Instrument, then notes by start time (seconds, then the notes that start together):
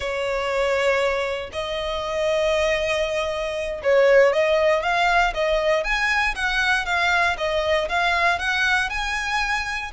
violin
0.00 C#5
1.52 D#5
3.83 C#5
4.33 D#5
4.82 F5
5.34 D#5
5.84 G#5
6.35 F#5
6.85 F5
7.37 D#5
7.88 F5
8.39 F#5
8.89 G#5